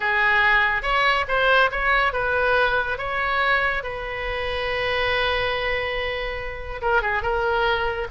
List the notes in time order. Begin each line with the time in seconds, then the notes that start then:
0.00 G#4
0.82 C#5
1.28 C5
1.71 C#5
2.13 B4
2.98 C#5
3.83 B4
6.81 A#4
7.01 G#4
7.22 A#4